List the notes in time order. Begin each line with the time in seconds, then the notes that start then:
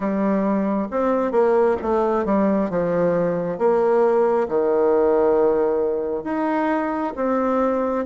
0.00 G3
0.90 C4
1.31 A#3
1.82 A3
2.25 G3
2.69 F3
3.58 A#3
4.48 D#3
6.24 D#4
7.16 C4